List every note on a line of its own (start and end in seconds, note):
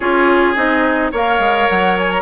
0.00 0.55 C#4
0.00 0.55 F4
0.00 1.11 G#4
0.00 0.55 C#5
0.55 1.12 C4
0.55 1.11 D#4
0.55 1.12 D#5
1.11 1.39 A#3
1.11 2.22 A#4
1.11 2.22 C#5
1.11 1.69 F5
1.39 1.67 G#3
1.69 2.22 F#3
1.69 1.97 F#5
1.98 2.11 G#5
2.11 2.22 A#5